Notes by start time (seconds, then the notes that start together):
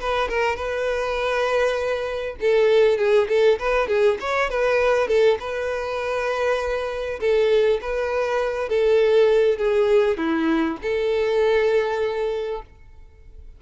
0.00 B4
0.29 A#4
0.56 B4
2.41 A4
2.98 G#4
3.29 A4
3.59 B4
3.88 G#4
4.21 C#5
4.50 B4
5.08 A4
5.40 B4
7.21 A4
7.82 B4
8.69 A4
9.58 G#4
10.18 E4
10.83 A4